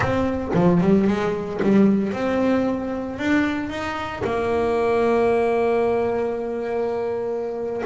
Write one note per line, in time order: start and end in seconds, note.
0.00 0.51 C4
0.54 0.80 F3
0.80 1.07 G3
1.07 1.60 G#3
1.62 2.12 G3
2.12 3.19 C4
3.19 3.69 D4
3.69 4.22 D#4
4.23 7.82 A#3